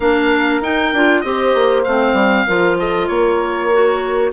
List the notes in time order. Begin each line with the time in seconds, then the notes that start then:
0.00 A#3 D4 A#4 F5
0.61 D#4 G5
0.93 D4 F4
1.20 C4 G4 C5 D#5
1.54 A#3
1.84 A3 C4 F5
2.13 G3
2.47 F3 F4 A#4
2.78 A4 D#5
3.07 A#3 A#4 C#5
3.72 F#4